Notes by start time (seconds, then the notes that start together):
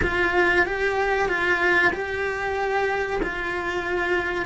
0.02 F4
0.66 G4
1.28 F4
1.92 G4
3.22 F4